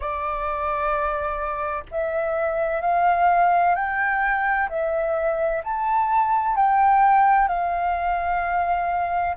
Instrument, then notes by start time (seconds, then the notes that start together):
flute
0.00 D5
1.90 E5
2.81 F5
3.75 G5
4.69 E5
5.63 A5
6.55 G5
7.48 F5